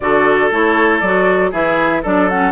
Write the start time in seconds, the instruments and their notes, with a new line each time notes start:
0.00 bassoon D3, clarinet F#4, oboe A4, flute D5
0.51 bassoon A3, clarinet E4, flute C#5
0.99 bassoon F#3, clarinet F#4, flute D5
1.51 bassoon E3, clarinet E4, oboe G#4, flute E5
2.02 bassoon F#3, clarinet D4, oboe A4, flute D5
2.29 clarinet C#4, flute F#5